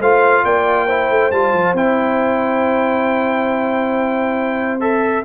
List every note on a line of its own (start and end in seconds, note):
0.00 0.44 A3
0.00 0.88 F4
0.00 0.44 C5
0.00 0.45 F5
0.44 1.10 A#3
0.44 0.86 D5
0.44 1.31 G5
0.86 1.32 E4
0.86 5.24 C5
1.10 1.31 A3
1.31 1.53 G3
1.31 1.76 F4
1.31 1.75 A5
1.53 1.73 F3
1.73 5.24 C4
1.73 4.80 E4
1.73 4.80 G5
4.80 5.24 A4
4.80 5.24 E5